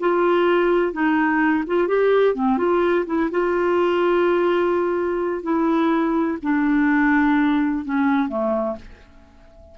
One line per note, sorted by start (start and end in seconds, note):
0.00 0.93 F4
0.93 1.64 D#4
1.67 1.88 F4
1.88 2.35 G4
2.35 2.58 C4
2.58 3.06 F4
3.06 3.30 E4
3.31 5.43 F4
5.43 6.38 E4
6.42 7.85 D4
7.85 8.29 C#4
8.29 8.76 A3